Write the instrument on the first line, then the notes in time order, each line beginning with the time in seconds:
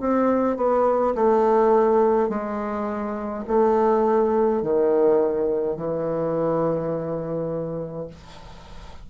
bassoon
0.00 C4
0.57 B3
1.15 A3
2.29 G#3
3.47 A3
4.62 D#3
5.76 E3